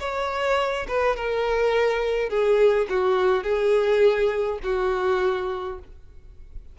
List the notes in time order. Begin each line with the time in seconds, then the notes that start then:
0.00 C#5
0.88 B4
1.16 A#4
2.29 G#4
2.90 F#4
3.44 G#4
4.64 F#4